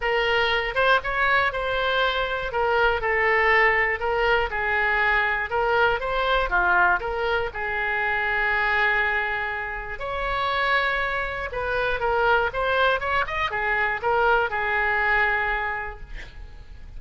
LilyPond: \new Staff \with { instrumentName = "oboe" } { \time 4/4 \tempo 4 = 120 ais'4. c''8 cis''4 c''4~ | c''4 ais'4 a'2 | ais'4 gis'2 ais'4 | c''4 f'4 ais'4 gis'4~ |
gis'1 | cis''2. b'4 | ais'4 c''4 cis''8 dis''8 gis'4 | ais'4 gis'2. | }